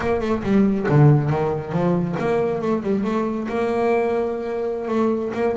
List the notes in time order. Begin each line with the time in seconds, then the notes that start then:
0.00 A#3
0.21 A3
0.43 G3
0.88 D3
1.30 D#3
1.72 F3
2.19 A#3
2.61 A3
2.83 G3
3.04 A3
3.48 A#3
4.88 A3
5.34 A#3